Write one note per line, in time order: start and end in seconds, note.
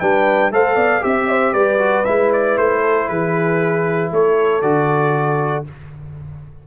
0.00 0.51 G3
0.00 0.52 D4
0.00 0.52 B4
0.00 0.51 G5
0.51 0.76 A3
0.51 1.01 A4
0.51 0.76 C5
0.51 1.04 F5
0.76 1.02 B3
0.76 1.02 D5
1.01 1.54 C4
1.01 1.78 G4
1.01 1.54 E5
1.01 1.29 E5
1.29 1.53 C5
1.53 2.05 G3
1.53 2.81 B4
1.53 2.05 D5
1.78 2.04 F#4
2.05 2.58 G#3
2.05 4.62 E4
2.05 2.31 E5
2.33 2.58 D5
2.58 3.09 A3
2.58 3.08 C5
2.81 3.06 A4
3.08 4.12 E3
3.08 4.12 G#4
3.08 4.11 B4
4.12 4.62 A3
4.12 5.67 A4
4.12 4.62 C#5
4.62 5.65 D3
4.62 5.65 F#4
4.62 5.65 D5